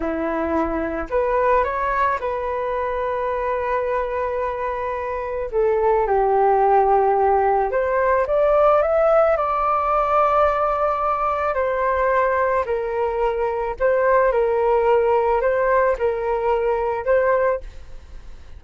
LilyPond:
\new Staff \with { instrumentName = "flute" } { \time 4/4 \tempo 4 = 109 e'2 b'4 cis''4 | b'1~ | b'2 a'4 g'4~ | g'2 c''4 d''4 |
e''4 d''2.~ | d''4 c''2 ais'4~ | ais'4 c''4 ais'2 | c''4 ais'2 c''4 | }